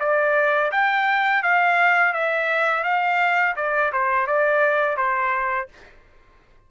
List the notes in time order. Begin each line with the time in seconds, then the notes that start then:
0.00 D5
0.72 G5
1.43 F5
2.14 E5
2.84 F5
3.56 D5
3.93 C5
4.27 D5
4.97 C5